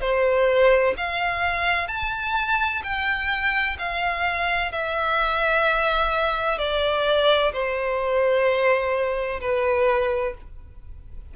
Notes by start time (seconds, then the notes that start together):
0.00 C5
0.96 F5
1.87 A5
2.83 G5
3.78 F5
4.71 E5
6.58 D5
7.52 C5
9.40 B4